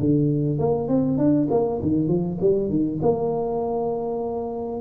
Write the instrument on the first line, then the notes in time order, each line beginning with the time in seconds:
tuba
0.00 D3
0.59 A#3
0.89 C4
1.18 D4
1.51 A#3
1.82 D#3
2.08 F3
2.41 G3
2.70 D#3
3.02 A#3